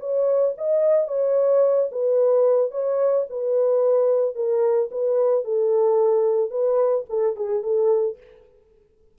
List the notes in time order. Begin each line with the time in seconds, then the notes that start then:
0.00 C#5
0.58 D#5
1.08 C#5
1.92 B4
2.72 C#5
3.30 B4
4.36 A#4
4.91 B4
5.44 A4
6.51 B4
7.10 A4
7.36 G#4
7.63 A4